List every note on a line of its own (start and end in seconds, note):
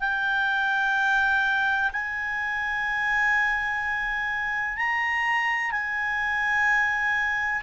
0.00 1.90 G5
1.92 4.77 G#5
4.77 5.71 A#5
5.71 7.61 G#5